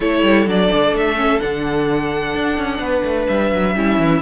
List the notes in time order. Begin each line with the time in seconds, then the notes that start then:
0.00 A3 E4 A4 C#5
0.23 G3
0.46 F#3 D4 D5
0.73 D3
0.92 A3 E5
1.16 C#4
1.39 D3 D4 F#5
2.34 D4
2.57 C#4
2.79 B3 B4
3.04 A3
3.27 G3 E5
3.52 F#3
3.74 G3 C#4 E4
3.98 E3